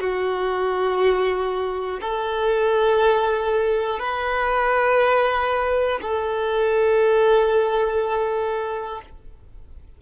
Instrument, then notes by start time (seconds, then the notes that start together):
violin
0.00 F#4
2.01 A4
4.00 B4
6.01 A4